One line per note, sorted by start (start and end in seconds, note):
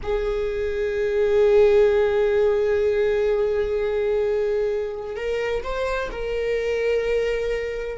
0.03 5.16 G#4
5.16 5.62 A#4
5.62 6.09 C5
6.11 7.98 A#4